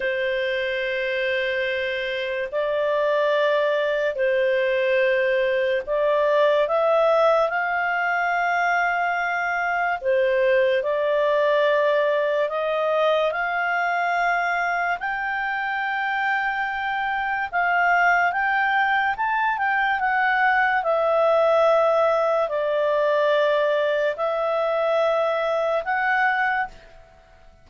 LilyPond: \new Staff \with { instrumentName = "clarinet" } { \time 4/4 \tempo 4 = 72 c''2. d''4~ | d''4 c''2 d''4 | e''4 f''2. | c''4 d''2 dis''4 |
f''2 g''2~ | g''4 f''4 g''4 a''8 g''8 | fis''4 e''2 d''4~ | d''4 e''2 fis''4 | }